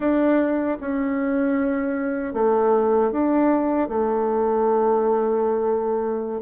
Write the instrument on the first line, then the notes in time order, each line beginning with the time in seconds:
bassoon
0.00 D4
0.80 C#4
2.33 A3
3.11 D4
3.88 A3